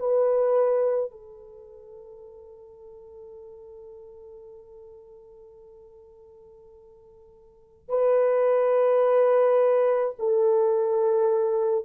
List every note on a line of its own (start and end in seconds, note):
0.00 1.11 B4
1.11 7.89 A4
7.89 10.16 B4
10.19 11.86 A4